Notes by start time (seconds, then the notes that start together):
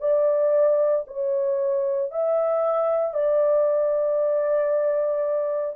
0.00 D5
1.07 C#5
2.11 E5
3.14 D5